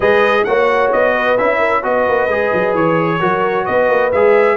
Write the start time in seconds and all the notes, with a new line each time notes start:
0.00 G#3 G#4 B4 D#5
0.44 A#3 F#4 C#5 F#5
0.92 B3 D#5
1.16 B4
1.37 C#4 E4 E5
1.57 A#4
1.81 B3 F#4 B4 D#5
2.07 A#3
2.27 G#3 G#4
2.53 F#3
2.74 E3 C#5
3.19 F#3 F#4 A#4
3.65 B3 B4 D#5
3.89 A#3
4.12 G#3 G#4 E5